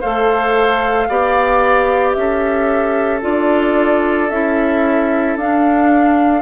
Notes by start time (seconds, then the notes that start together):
0.00 A3 A4 C5 F5
1.08 B3 G4 D5
2.12 C#4 E5
2.19 A4
3.21 D4 F4 D5
4.29 C#4 E4 E5
5.36 D4 F5